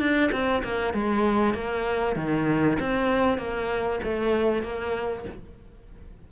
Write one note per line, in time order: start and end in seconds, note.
0.00 0.31 D4
0.32 0.63 C4
0.64 0.94 A#3
0.94 1.55 G#3
1.55 2.16 A#3
2.16 2.78 D#3
2.80 3.38 C4
3.38 4.00 A#3
4.04 4.63 A3
4.63 5.25 A#3